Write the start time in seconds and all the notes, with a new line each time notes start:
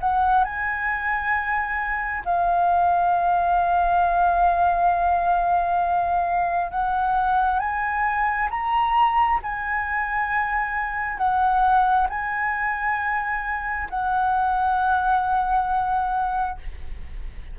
0.00 F#5
0.44 G#5
2.25 F5
6.71 F#5
7.59 G#5
8.50 A#5
9.42 G#5
11.17 F#5
12.09 G#5
13.90 F#5